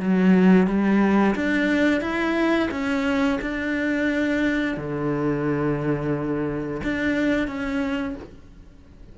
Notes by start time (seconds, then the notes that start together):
0.00 F#3
0.67 G3
1.36 D4
2.01 E4
2.71 C#4
3.42 D4
4.77 D3
6.84 D4
7.48 C#4